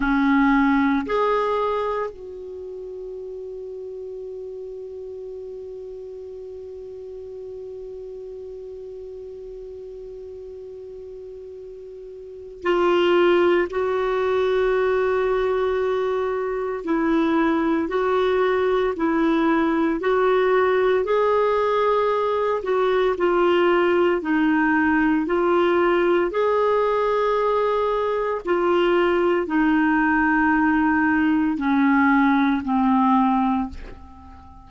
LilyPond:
\new Staff \with { instrumentName = "clarinet" } { \time 4/4 \tempo 4 = 57 cis'4 gis'4 fis'2~ | fis'1~ | fis'1 | f'4 fis'2. |
e'4 fis'4 e'4 fis'4 | gis'4. fis'8 f'4 dis'4 | f'4 gis'2 f'4 | dis'2 cis'4 c'4 | }